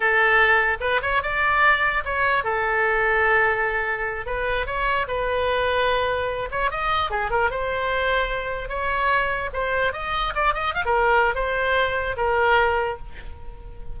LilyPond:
\new Staff \with { instrumentName = "oboe" } { \time 4/4 \tempo 4 = 148 a'2 b'8 cis''8 d''4~ | d''4 cis''4 a'2~ | a'2~ a'8 b'4 cis''8~ | cis''8 b'2.~ b'8 |
cis''8 dis''4 gis'8 ais'8 c''4.~ | c''4. cis''2 c''8~ | c''8 dis''4 d''8 dis''8 f''16 ais'4~ ais'16 | c''2 ais'2 | }